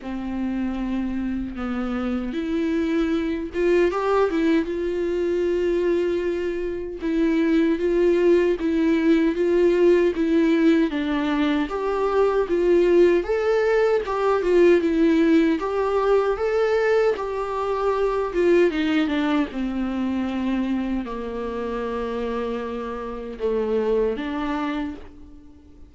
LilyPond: \new Staff \with { instrumentName = "viola" } { \time 4/4 \tempo 4 = 77 c'2 b4 e'4~ | e'8 f'8 g'8 e'8 f'2~ | f'4 e'4 f'4 e'4 | f'4 e'4 d'4 g'4 |
f'4 a'4 g'8 f'8 e'4 | g'4 a'4 g'4. f'8 | dis'8 d'8 c'2 ais4~ | ais2 a4 d'4 | }